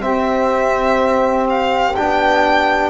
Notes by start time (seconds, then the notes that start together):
0.00 C4 G4 E5
1.49 F5
1.96 B3 D4 G5